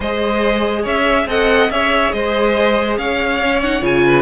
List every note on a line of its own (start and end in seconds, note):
0.00 0.85 G#3
0.00 1.27 G#4
0.00 0.83 C5
0.00 0.86 D#5
0.83 1.26 C#4
0.83 1.25 C#5
0.83 1.29 E5
1.26 1.69 C4
1.26 1.70 A4
1.26 1.71 D#5
1.26 1.70 F#5
1.69 2.12 C#4
1.69 3.41 G#4
1.69 2.14 C#5
1.69 2.12 E5
2.12 2.97 G#3
2.12 2.98 C5
2.12 2.97 D#5
2.97 3.82 C#4
2.97 4.05 C#5
2.97 3.61 F5
3.42 3.63 C#4
3.62 3.81 D#4
3.62 3.83 F#5
3.81 4.22 C#3
3.81 4.22 F4
3.81 4.22 G#5
4.05 4.22 B4